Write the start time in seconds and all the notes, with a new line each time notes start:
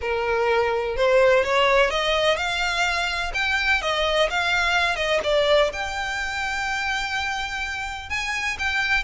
0.01 A#4
0.96 C5
1.44 C#5
1.90 D#5
2.36 F5
3.33 G5
3.81 D#5
4.30 F5
4.96 D#5
5.23 D5
5.72 G5
8.09 G#5
8.58 G5